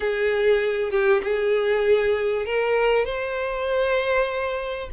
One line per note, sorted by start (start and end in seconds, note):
0.00 0.91 G#4
0.91 1.21 G4
1.23 2.45 G#4
2.45 3.05 A#4
3.05 4.89 C5